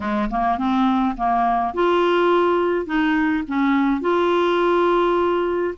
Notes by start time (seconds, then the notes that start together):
0.00 G#3
0.30 A#3
0.58 C4
1.16 A#3
1.73 F4
2.86 D#4
3.47 C#4
4.01 F4